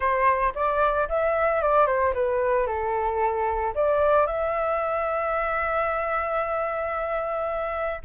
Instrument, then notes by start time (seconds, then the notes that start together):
flute
0.00 C5
0.55 D5
1.09 E5
1.61 D5
1.86 C5
2.14 B4
2.66 A4
3.75 D5
4.26 E5